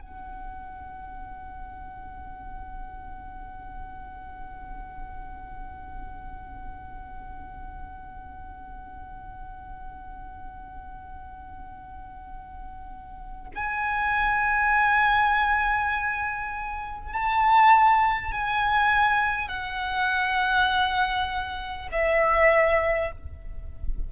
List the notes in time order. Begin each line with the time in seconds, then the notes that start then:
0.00 F#5
13.55 G#5
17.13 A5
18.31 G#5
19.48 F#5
21.92 E5